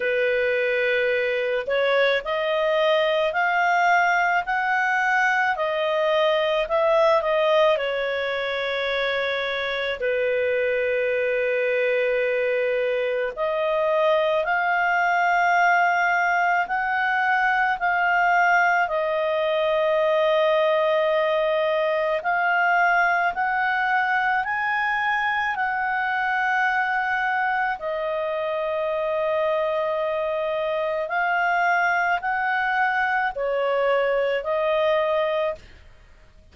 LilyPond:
\new Staff \with { instrumentName = "clarinet" } { \time 4/4 \tempo 4 = 54 b'4. cis''8 dis''4 f''4 | fis''4 dis''4 e''8 dis''8 cis''4~ | cis''4 b'2. | dis''4 f''2 fis''4 |
f''4 dis''2. | f''4 fis''4 gis''4 fis''4~ | fis''4 dis''2. | f''4 fis''4 cis''4 dis''4 | }